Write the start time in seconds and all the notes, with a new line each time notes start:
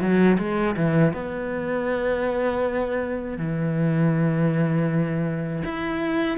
0.00 F#3
0.38 G#3
0.76 E3
1.13 B3
3.38 E3
5.64 E4